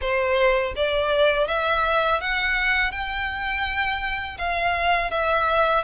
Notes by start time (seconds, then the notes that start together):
0.01 C5
0.75 D5
1.47 E5
2.21 F#5
2.91 G5
4.38 F5
5.11 E5